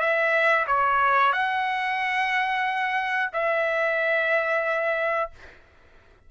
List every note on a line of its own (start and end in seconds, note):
0.00 0.66 E5
0.67 1.33 C#5
1.33 3.31 F#5
3.33 5.31 E5